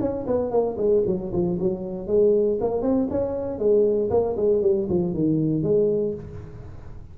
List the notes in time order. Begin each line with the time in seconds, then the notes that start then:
0.00 C#4
0.26 B3
0.51 A#3
0.77 G#3
1.06 F#3
1.32 F3
1.59 F#3
2.07 G#3
2.60 A#3
2.82 C4
3.10 C#4
3.58 G#3
4.10 A#3
4.36 G#3
4.62 G3
4.89 F3
5.14 D#3
5.62 G#3